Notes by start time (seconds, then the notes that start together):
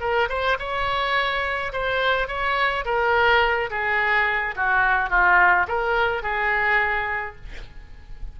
0.00 A#4
0.29 C5
0.59 C#5
1.72 C5
2.28 C#5
2.85 A#4
3.70 G#4
4.55 F#4
5.09 F4
5.67 A#4
6.22 G#4